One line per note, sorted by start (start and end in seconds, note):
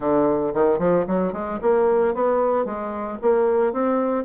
0.00 0.53 D3
0.53 0.78 D#3
0.78 1.05 F3
1.07 1.33 F#3
1.33 1.59 G#3
1.61 2.14 A#3
2.14 2.65 B3
2.65 3.18 G#3
3.21 3.73 A#3
3.73 4.24 C4